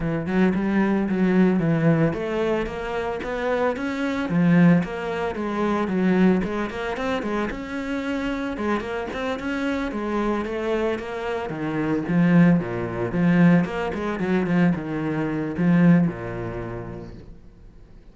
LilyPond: \new Staff \with { instrumentName = "cello" } { \time 4/4 \tempo 4 = 112 e8 fis8 g4 fis4 e4 | a4 ais4 b4 cis'4 | f4 ais4 gis4 fis4 | gis8 ais8 c'8 gis8 cis'2 |
gis8 ais8 c'8 cis'4 gis4 a8~ | a8 ais4 dis4 f4 ais,8~ | ais,8 f4 ais8 gis8 fis8 f8 dis8~ | dis4 f4 ais,2 | }